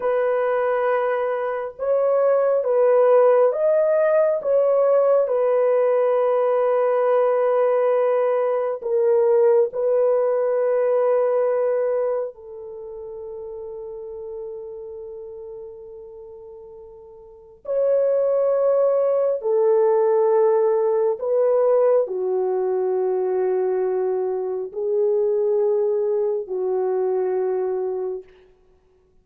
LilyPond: \new Staff \with { instrumentName = "horn" } { \time 4/4 \tempo 4 = 68 b'2 cis''4 b'4 | dis''4 cis''4 b'2~ | b'2 ais'4 b'4~ | b'2 a'2~ |
a'1 | cis''2 a'2 | b'4 fis'2. | gis'2 fis'2 | }